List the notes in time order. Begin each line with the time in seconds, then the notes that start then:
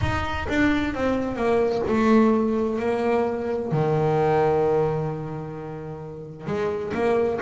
0.01 D#4
0.49 D4
0.94 C4
1.36 A#3
1.87 A3
2.79 A#3
3.71 D#3
6.46 G#3
6.94 A#3